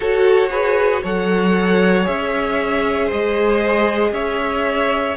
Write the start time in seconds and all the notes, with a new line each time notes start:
0.00 F#4 A4 C#5
0.50 G#4 B4
1.02 F#3 A4 C#5 F#5
2.03 C#4 G#4 E5
3.06 G#3 C5 D#5
4.12 C#4 C#5 E5